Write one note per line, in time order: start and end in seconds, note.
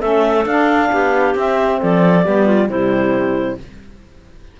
0.00 0.45 A3
0.00 0.46 C#4
0.00 0.89 A4
0.00 0.44 E5
0.45 0.90 D4
0.45 1.35 D4
0.45 1.35 F5
0.92 1.34 B3
0.92 1.80 G4
1.34 1.79 C4
1.34 2.23 C4
1.34 1.81 E5
1.80 2.26 F3
1.80 2.24 A4
1.80 2.69 D5
2.23 2.69 G3
2.23 2.68 B3
2.23 2.45 G4
2.45 2.68 F4
2.68 3.58 C3
2.68 3.59 G3
2.68 3.57 E4
2.68 3.58 C5